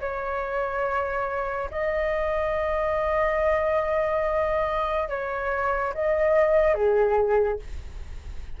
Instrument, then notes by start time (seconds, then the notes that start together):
flute
0.00 C#5
1.71 D#5
5.09 C#5
5.93 D#5
6.74 G#4